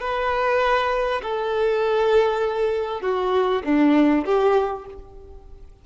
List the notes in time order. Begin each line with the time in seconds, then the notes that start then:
0.00 B4
1.22 A4
3.01 F#4
3.64 D4
4.25 G4